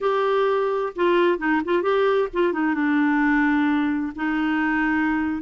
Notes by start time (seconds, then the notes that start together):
0.00 G4
0.95 F4
1.38 D#4
1.64 F4
1.82 G4
2.33 F4
2.52 D#4
2.74 D4
4.15 D#4